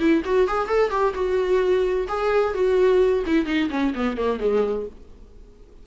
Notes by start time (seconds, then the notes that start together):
0.00 E4
0.25 F#4
0.48 G#4
0.68 A4
0.91 G4
1.15 F#4
2.08 G#4
2.54 F#4
3.27 E4
3.46 D#4
3.71 C#4
3.95 B3
4.18 A#3
4.40 G#3